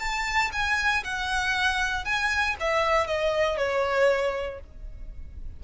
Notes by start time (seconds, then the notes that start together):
0.00 A5
0.53 G#5
1.04 F#5
2.05 G#5
2.60 E5
3.07 D#5
3.58 C#5